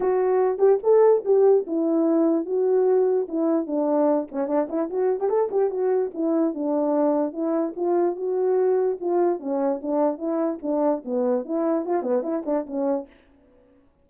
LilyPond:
\new Staff \with { instrumentName = "horn" } { \time 4/4 \tempo 4 = 147 fis'4. g'8 a'4 g'4 | e'2 fis'2 | e'4 d'4. cis'8 d'8 e'8 | fis'8. g'16 a'8 g'8 fis'4 e'4 |
d'2 e'4 f'4 | fis'2 f'4 cis'4 | d'4 e'4 d'4 b4 | e'4 f'8 b8 e'8 d'8 cis'4 | }